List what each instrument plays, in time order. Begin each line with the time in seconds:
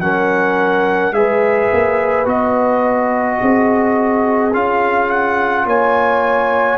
0.00 tuba F#3, trombone C#4, horn A#4, trumpet F#5
1.12 tuba G#3, trombone G#4, horn B4, trumpet E5
1.73 tuba A#3
2.26 tuba B3, trombone F#4, trumpet D#5
3.41 tuba C4, horn G#4
4.54 tuba C#4, trombone F4, trumpet F5
5.10 trumpet F#5
5.66 tuba A#3, horn C#5, trumpet G#5